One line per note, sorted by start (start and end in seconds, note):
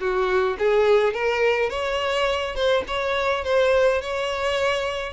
0.00 0.57 F#4
0.59 1.13 G#4
1.13 1.70 A#4
1.70 2.55 C#5
2.55 2.84 C5
2.87 3.44 C#5
3.44 4.02 C5
4.02 5.13 C#5